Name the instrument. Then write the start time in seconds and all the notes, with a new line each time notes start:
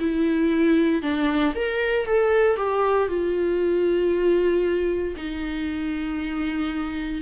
viola
0.00 E4
1.03 D4
1.56 A#4
2.06 A4
2.57 G4
3.09 F4
5.17 D#4